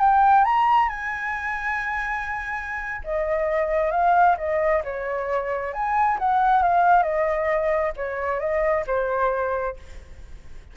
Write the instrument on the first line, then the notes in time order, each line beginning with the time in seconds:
flute
0.00 G5
0.45 A#5
0.89 G#5
3.04 D#5
3.92 F5
4.38 D#5
4.84 C#5
5.73 G#5
6.19 F#5
6.63 F5
7.03 D#5
7.97 C#5
8.40 D#5
8.87 C5